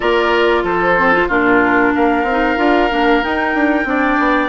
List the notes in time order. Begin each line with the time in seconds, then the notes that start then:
0.00 A#3 F4 A#4 D5
0.63 F3 A4 C5
0.97 C4
1.12 F4
1.28 A#2 D4 F4 A#4
1.94 A#3 A#4 F5
2.23 C4
2.30 D#4
2.57 D4 F4
2.90 A#3 D4
3.22 D#4 G5
3.54 D4
3.84 C4 D4 D5
4.19 B3